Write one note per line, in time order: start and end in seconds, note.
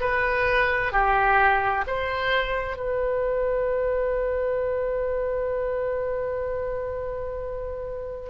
0.00 0.92 B4
0.92 1.84 G4
1.87 2.77 C5
2.77 8.30 B4